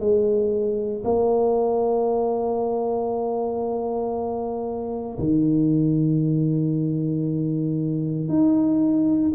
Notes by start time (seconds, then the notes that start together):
0.00 G#3
1.04 A#3
5.19 D#3
8.29 D#4